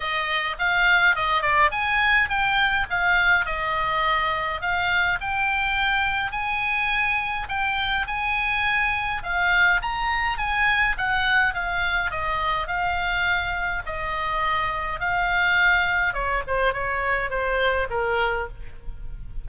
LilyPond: \new Staff \with { instrumentName = "oboe" } { \time 4/4 \tempo 4 = 104 dis''4 f''4 dis''8 d''8 gis''4 | g''4 f''4 dis''2 | f''4 g''2 gis''4~ | gis''4 g''4 gis''2 |
f''4 ais''4 gis''4 fis''4 | f''4 dis''4 f''2 | dis''2 f''2 | cis''8 c''8 cis''4 c''4 ais'4 | }